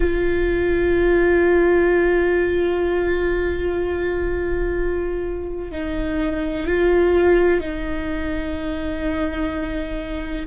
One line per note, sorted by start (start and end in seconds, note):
0.00 5.71 F4
5.71 6.66 D#4
6.66 7.60 F4
7.60 10.46 D#4